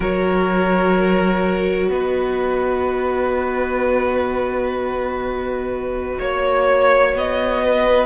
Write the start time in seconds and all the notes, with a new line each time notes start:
0.00 F#3 F#4 A#4 C#5
1.89 B3 B4 D#5
6.19 A#3 C#5
7.14 B3 D#5
7.63 B4